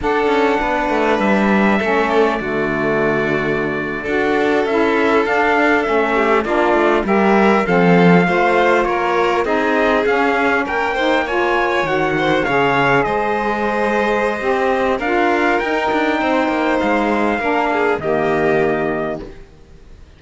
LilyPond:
<<
  \new Staff \with { instrumentName = "trumpet" } { \time 4/4 \tempo 4 = 100 fis''2 e''4. d''8~ | d''2.~ d''8. e''16~ | e''8. f''4 e''4 d''4 e''16~ | e''8. f''2 cis''4 dis''16~ |
dis''8. f''4 g''4 gis''4 fis''16~ | fis''8. f''4 dis''2~ dis''16~ | dis''4 f''4 g''2 | f''2 dis''2 | }
  \new Staff \with { instrumentName = "violin" } { \time 4/4 a'4 b'2 a'4 | fis'2~ fis'8. a'4~ a'16~ | a'2~ a'16 g'8 f'4 ais'16~ | ais'8. a'4 c''4 ais'4 gis'16~ |
gis'4.~ gis'16 ais'8 c''8 cis''4~ cis''16~ | cis''16 c''8 cis''4 c''2~ c''16~ | c''4 ais'2 c''4~ | c''4 ais'8 gis'8 g'2 | }
  \new Staff \with { instrumentName = "saxophone" } { \time 4/4 d'2. cis'4 | a2~ a8. fis'4 e'16~ | e'8. d'4 cis'4 d'4 g'16~ | g'8. c'4 f'2 dis'16~ |
dis'8. cis'4. dis'8 f'4 fis'16~ | fis'8. gis'2.~ gis'16 | g'4 f'4 dis'2~ | dis'4 d'4 ais2 | }
  \new Staff \with { instrumentName = "cello" } { \time 4/4 d'8 cis'8 b8 a8 g4 a4 | d2~ d8. d'4 cis'16~ | cis'8. d'4 a4 ais8 a8 g16~ | g8. f4 a4 ais4 c'16~ |
c'8. cis'4 ais2 dis16~ | dis8. cis4 gis2~ gis16 | c'4 d'4 dis'8 d'8 c'8 ais8 | gis4 ais4 dis2 | }
>>